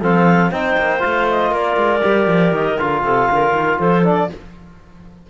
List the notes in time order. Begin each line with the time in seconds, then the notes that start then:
0.00 F3 C4 A4 F5
0.50 C4 D#4 C5 G5
0.77 A#3
0.99 A3 F4 F5
1.30 D#5
1.50 A#3 A#4 D5
1.76 G#3
2.01 G3 G4
2.27 F3
2.52 D#3 D#5
2.78 D3 F4 F5
3.02 C3 A4
3.30 D3 A#4
3.53 D#3
3.78 F3 A4 C5
4.03 D4 D5